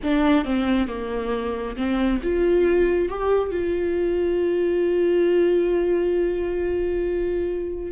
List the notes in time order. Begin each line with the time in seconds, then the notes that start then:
0.03 D4
0.44 C4
0.87 A#3
1.76 C4
2.22 F4
3.09 G4
3.51 F4